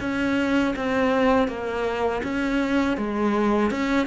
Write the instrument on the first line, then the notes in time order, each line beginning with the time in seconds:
cello
0.00 C#4
0.76 C4
1.48 A#3
2.23 C#4
2.97 G#3
3.71 C#4